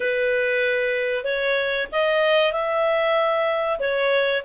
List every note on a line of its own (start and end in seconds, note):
0.00 1.24 B4
1.24 1.87 C#5
1.91 2.52 D#5
2.52 3.79 E5
3.79 4.42 C#5